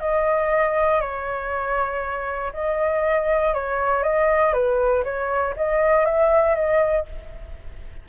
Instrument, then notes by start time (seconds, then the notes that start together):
flute
0.00 D#5
1.01 C#5
2.53 D#5
3.54 C#5
4.03 D#5
4.53 B4
5.04 C#5
5.56 D#5
6.05 E5
6.55 D#5